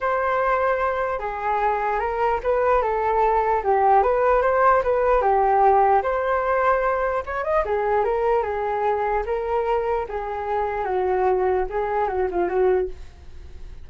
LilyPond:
\new Staff \with { instrumentName = "flute" } { \time 4/4 \tempo 4 = 149 c''2. gis'4~ | gis'4 ais'4 b'4 a'4~ | a'4 g'4 b'4 c''4 | b'4 g'2 c''4~ |
c''2 cis''8 dis''8 gis'4 | ais'4 gis'2 ais'4~ | ais'4 gis'2 fis'4~ | fis'4 gis'4 fis'8 f'8 fis'4 | }